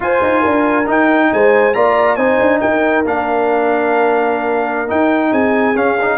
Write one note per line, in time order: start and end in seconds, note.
0.00 0.20 F4
0.00 0.84 F4
0.00 0.40 C5
0.00 0.88 G#5
0.22 0.44 D#4
0.40 0.87 D4
0.40 1.27 A#4
0.86 1.73 D#4
0.86 1.31 D#4
0.86 1.33 G5
1.33 1.75 G#3
1.33 1.75 C5
1.33 1.73 G#5
1.73 2.16 A#3
1.73 2.17 F4
1.73 2.16 D5
1.73 2.15 A#5
2.15 2.38 C4
2.15 3.04 D#4
2.15 2.60 C5
2.15 2.59 G#5
2.40 2.62 D4
2.60 3.05 D#4
2.60 5.31 A#4
2.60 3.03 G5
3.05 4.90 A#3
3.05 4.87 D4
3.05 4.89 F5
4.87 5.74 D#4
4.87 5.32 D#4
4.87 5.33 G5
5.31 5.75 C4
5.31 6.18 G#4
5.31 5.76 G#5
5.75 6.18 C#4
5.75 5.98 C#4
5.75 6.18 F5
6.00 6.18 D#4